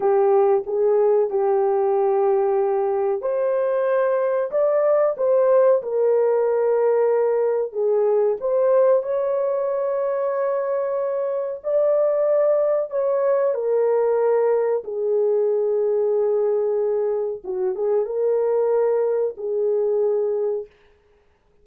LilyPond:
\new Staff \with { instrumentName = "horn" } { \time 4/4 \tempo 4 = 93 g'4 gis'4 g'2~ | g'4 c''2 d''4 | c''4 ais'2. | gis'4 c''4 cis''2~ |
cis''2 d''2 | cis''4 ais'2 gis'4~ | gis'2. fis'8 gis'8 | ais'2 gis'2 | }